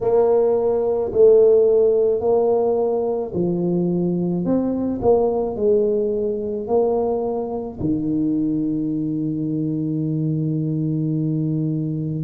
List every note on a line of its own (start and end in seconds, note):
0.01 1.12 A#3
1.12 2.20 A3
2.20 3.31 A#3
3.33 4.44 F3
4.44 5.00 C4
5.02 5.56 A#3
5.56 6.67 G#3
6.67 7.78 A#3
7.80 12.24 D#3